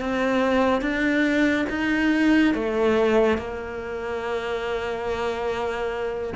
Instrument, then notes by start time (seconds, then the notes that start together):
cello
0.00 C4
0.81 D4
1.69 D#4
2.54 A3
3.38 A#3